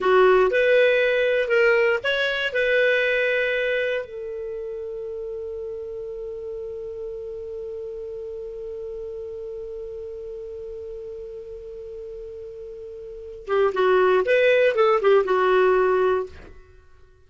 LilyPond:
\new Staff \with { instrumentName = "clarinet" } { \time 4/4 \tempo 4 = 118 fis'4 b'2 ais'4 | cis''4 b'2. | a'1~ | a'1~ |
a'1~ | a'1~ | a'2~ a'8 g'8 fis'4 | b'4 a'8 g'8 fis'2 | }